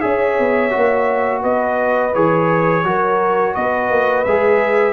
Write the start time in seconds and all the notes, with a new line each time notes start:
0.00 C#4 G#4 C#5 E5
0.38 B3
0.70 A#3 F#4
1.41 B3 B4 D#5
2.14 E3 G#4 C#5
2.84 F#3 F#4 A#4
3.55 B3 B4 D#5
3.90 A#3
4.24 G#3 G#4 E5